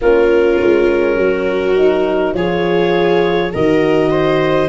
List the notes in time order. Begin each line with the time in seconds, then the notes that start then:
0.01 A#3 C#4 F4 A#4
0.60 G#3
1.16 F#3 F#4
1.75 D#4
2.34 F3 F4 G#4 C#5
3.52 D#3 F#4 A#4 D#5
4.10 C5